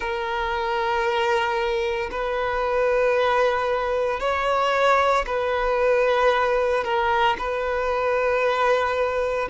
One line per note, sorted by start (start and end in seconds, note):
0.00 2.10 A#4
2.11 4.20 B4
4.20 5.25 C#5
5.26 6.84 B4
6.84 7.36 A#4
7.38 9.48 B4